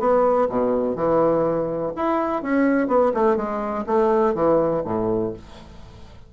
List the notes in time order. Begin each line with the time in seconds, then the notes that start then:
0.00 B3
0.50 B2
0.96 E3
1.96 E4
2.43 C#4
2.88 B3
3.14 A3
3.37 G#3
3.87 A3
4.35 E3
4.85 A2